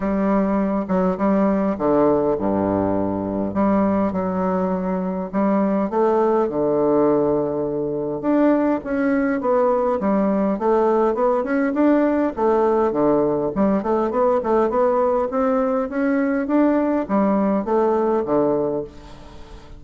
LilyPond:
\new Staff \with { instrumentName = "bassoon" } { \time 4/4 \tempo 4 = 102 g4. fis8 g4 d4 | g,2 g4 fis4~ | fis4 g4 a4 d4~ | d2 d'4 cis'4 |
b4 g4 a4 b8 cis'8 | d'4 a4 d4 g8 a8 | b8 a8 b4 c'4 cis'4 | d'4 g4 a4 d4 | }